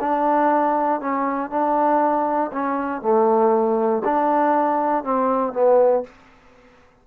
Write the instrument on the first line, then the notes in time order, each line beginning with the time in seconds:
trombone
0.00 D4
1.01 C#4
1.50 D4
2.52 C#4
3.02 A3
4.05 D4
5.04 C4
5.53 B3